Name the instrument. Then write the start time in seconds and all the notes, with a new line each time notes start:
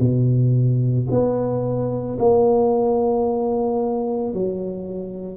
tuba
0.00 B2
1.11 B3
2.19 A#3
4.33 F#3